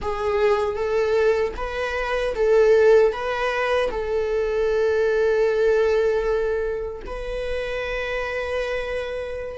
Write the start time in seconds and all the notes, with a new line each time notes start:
0.01 G#4
0.75 A4
1.56 B4
2.34 A4
3.12 B4
3.90 A4
7.06 B4